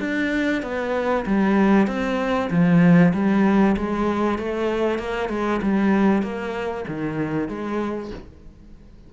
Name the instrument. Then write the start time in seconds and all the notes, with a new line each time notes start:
cello
0.00 D4
0.62 B3
1.26 G3
1.87 C4
2.51 F3
3.14 G3
3.77 G#3
4.39 A3
4.99 A#3
5.30 G#3
5.62 G3
6.22 A#3
6.88 D#3
7.49 G#3